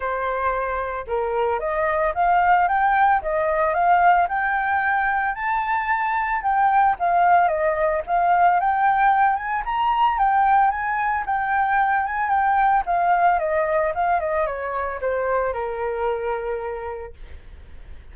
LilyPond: \new Staff \with { instrumentName = "flute" } { \time 4/4 \tempo 4 = 112 c''2 ais'4 dis''4 | f''4 g''4 dis''4 f''4 | g''2 a''2 | g''4 f''4 dis''4 f''4 |
g''4. gis''8 ais''4 g''4 | gis''4 g''4. gis''8 g''4 | f''4 dis''4 f''8 dis''8 cis''4 | c''4 ais'2. | }